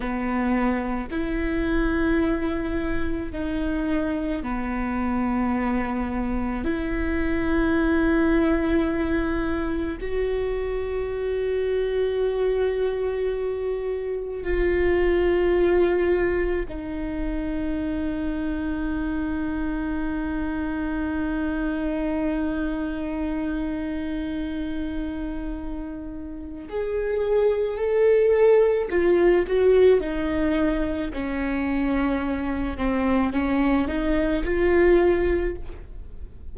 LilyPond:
\new Staff \with { instrumentName = "viola" } { \time 4/4 \tempo 4 = 54 b4 e'2 dis'4 | b2 e'2~ | e'4 fis'2.~ | fis'4 f'2 dis'4~ |
dis'1~ | dis'1 | gis'4 a'4 f'8 fis'8 dis'4 | cis'4. c'8 cis'8 dis'8 f'4 | }